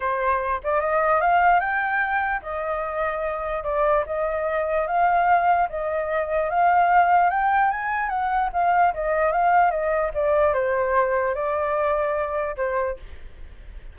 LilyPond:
\new Staff \with { instrumentName = "flute" } { \time 4/4 \tempo 4 = 148 c''4. d''8 dis''4 f''4 | g''2 dis''2~ | dis''4 d''4 dis''2 | f''2 dis''2 |
f''2 g''4 gis''4 | fis''4 f''4 dis''4 f''4 | dis''4 d''4 c''2 | d''2. c''4 | }